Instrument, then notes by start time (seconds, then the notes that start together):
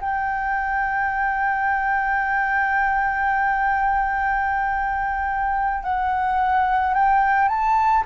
flute
0.00 G5
5.83 F#5
6.94 G5
7.48 A5